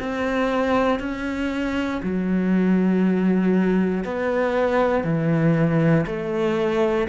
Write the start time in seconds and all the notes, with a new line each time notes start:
0.00 C4
1.00 C#4
2.03 F#3
4.04 B3
5.04 E3
6.06 A3